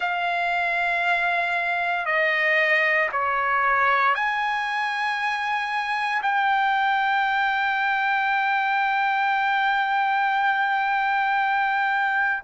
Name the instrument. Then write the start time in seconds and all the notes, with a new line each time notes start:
trumpet
0.00 F5
2.05 D#5
3.12 C#5
4.14 G#5
6.22 G5